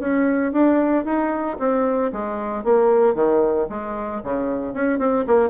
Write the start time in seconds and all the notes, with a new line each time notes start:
0.00 C#4
0.53 D4
1.05 D#4
1.60 C4
2.13 G#3
2.64 A#3
3.15 D#3
3.70 G#3
4.24 C#3
4.74 C#4
4.99 C4
5.28 A#3